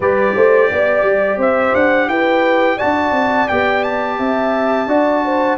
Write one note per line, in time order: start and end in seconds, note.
0.00 0.34 G3
0.00 2.78 G4
0.00 0.35 B4
0.00 1.40 D5
0.35 0.70 A3
0.35 0.70 C5
0.71 1.02 B3
0.71 1.39 D5
1.02 1.37 G3
1.37 1.72 C4
1.37 2.08 C5
1.37 1.75 E5
1.74 2.08 D4
1.74 2.09 F#5
2.08 2.77 E4
2.08 2.76 B4
2.08 2.78 G5
2.76 3.48 F#4
2.76 4.16 D5
2.76 3.48 A5
2.83 3.11 D4
3.11 3.46 C4
3.48 4.18 B3
3.48 4.88 G4
3.48 3.83 G5
3.83 5.57 A5
4.18 4.86 C4
4.18 4.88 E5
4.86 5.56 D4
4.86 5.57 F#4
4.86 5.23 D5
5.25 5.57 C5